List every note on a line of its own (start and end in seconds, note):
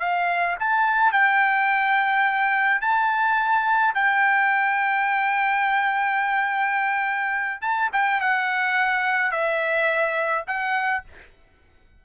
0.00 0.57 F5
0.60 1.12 A5
1.12 2.81 G5
2.81 3.94 A5
3.95 7.62 G5
7.62 7.90 A5
7.93 8.21 G5
8.21 9.32 F#5
9.32 10.45 E5
10.47 11.04 F#5